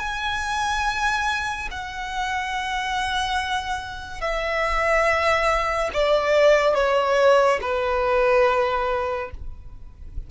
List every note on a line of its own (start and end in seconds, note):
0.00 1.69 G#5
1.71 4.21 F#5
4.21 5.90 E5
5.94 6.75 D5
6.75 7.59 C#5
7.62 9.31 B4